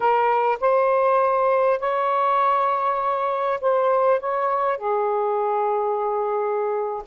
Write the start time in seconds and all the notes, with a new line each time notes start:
0.00 A#4
0.60 C5
1.79 C#5
3.60 C5
4.20 C#5
4.77 G#4